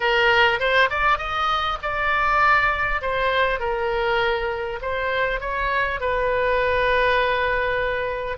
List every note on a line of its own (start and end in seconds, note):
0.00 0.59 A#4
0.59 0.89 C5
0.89 1.18 D5
1.18 1.78 D#5
1.82 3.01 D5
3.01 3.59 C5
3.59 4.79 A#4
4.81 5.40 C5
5.40 6.00 C#5
6.00 8.37 B4